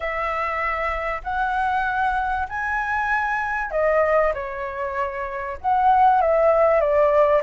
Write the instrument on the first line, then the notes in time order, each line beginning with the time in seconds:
flute
0.00 E5
1.23 F#5
2.49 G#5
3.70 D#5
4.34 C#5
5.61 F#5
6.21 E5
6.80 D5